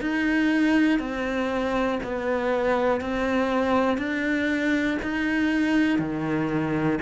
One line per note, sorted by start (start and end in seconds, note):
0.00 0.99 D#4
0.99 1.99 C4
2.03 3.00 B3
3.00 3.97 C4
3.97 4.97 D4
5.02 5.98 D#4
5.98 6.98 D#3